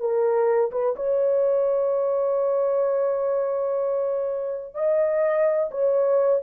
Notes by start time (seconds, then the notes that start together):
0.00 A#4
0.72 B4
0.96 C#5
4.75 D#5
5.71 C#5